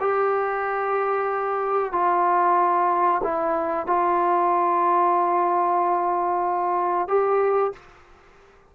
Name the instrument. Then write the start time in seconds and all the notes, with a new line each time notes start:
trombone
0.00 G4
1.92 F4
3.23 E4
3.87 F4
7.08 G4